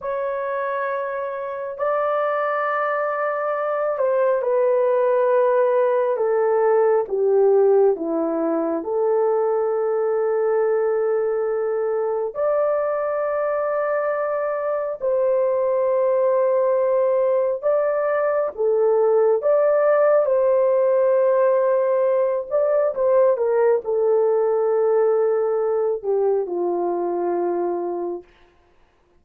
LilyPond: \new Staff \with { instrumentName = "horn" } { \time 4/4 \tempo 4 = 68 cis''2 d''2~ | d''8 c''8 b'2 a'4 | g'4 e'4 a'2~ | a'2 d''2~ |
d''4 c''2. | d''4 a'4 d''4 c''4~ | c''4. d''8 c''8 ais'8 a'4~ | a'4. g'8 f'2 | }